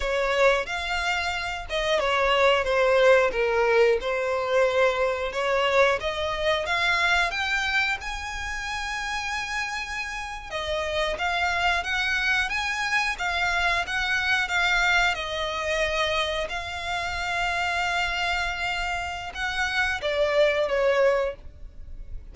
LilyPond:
\new Staff \with { instrumentName = "violin" } { \time 4/4 \tempo 4 = 90 cis''4 f''4. dis''8 cis''4 | c''4 ais'4 c''2 | cis''4 dis''4 f''4 g''4 | gis''2.~ gis''8. dis''16~ |
dis''8. f''4 fis''4 gis''4 f''16~ | f''8. fis''4 f''4 dis''4~ dis''16~ | dis''8. f''2.~ f''16~ | f''4 fis''4 d''4 cis''4 | }